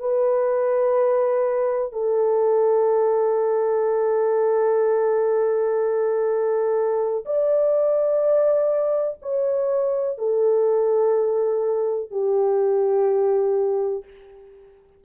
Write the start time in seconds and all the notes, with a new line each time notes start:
0.00 B4
1.93 A4
7.26 D5
9.22 C#5
10.19 A4
12.11 G4